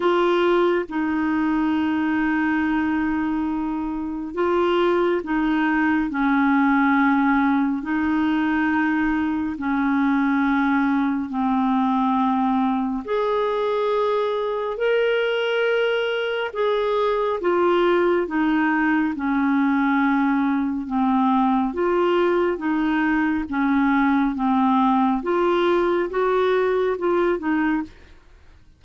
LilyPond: \new Staff \with { instrumentName = "clarinet" } { \time 4/4 \tempo 4 = 69 f'4 dis'2.~ | dis'4 f'4 dis'4 cis'4~ | cis'4 dis'2 cis'4~ | cis'4 c'2 gis'4~ |
gis'4 ais'2 gis'4 | f'4 dis'4 cis'2 | c'4 f'4 dis'4 cis'4 | c'4 f'4 fis'4 f'8 dis'8 | }